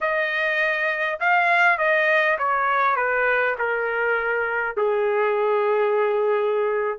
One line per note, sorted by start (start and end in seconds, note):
0.01 1.19 D#5
1.20 1.78 F5
1.78 2.37 D#5
2.38 2.96 C#5
2.96 3.55 B4
3.58 4.76 A#4
4.76 6.98 G#4